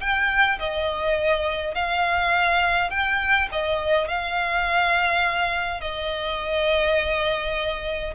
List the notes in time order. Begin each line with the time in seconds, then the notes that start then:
0.00 G5
0.59 D#5
1.74 F5
2.90 G5
3.51 D#5
4.08 F5
5.80 D#5